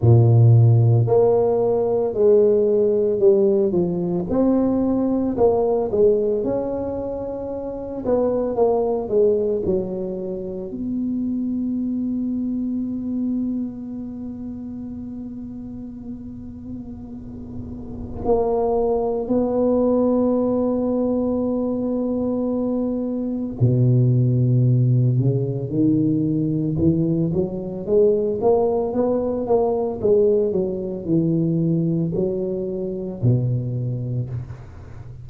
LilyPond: \new Staff \with { instrumentName = "tuba" } { \time 4/4 \tempo 4 = 56 ais,4 ais4 gis4 g8 f8 | c'4 ais8 gis8 cis'4. b8 | ais8 gis8 fis4 b2~ | b1~ |
b4 ais4 b2~ | b2 b,4. cis8 | dis4 e8 fis8 gis8 ais8 b8 ais8 | gis8 fis8 e4 fis4 b,4 | }